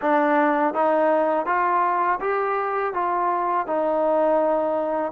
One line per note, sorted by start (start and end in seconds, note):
0.01 0.74 D4
0.74 1.46 D#4
1.46 2.19 F4
2.20 2.93 G4
2.93 3.66 F4
3.67 5.12 D#4